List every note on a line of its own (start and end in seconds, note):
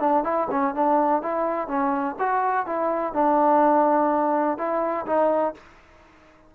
0.00 0.24 D4
0.24 0.48 E4
0.51 0.75 C#4
0.75 1.22 D4
1.22 1.68 E4
1.68 2.16 C#4
2.19 2.66 F#4
2.66 3.14 E4
3.14 4.58 D4
4.58 5.06 E4
5.06 5.54 D#4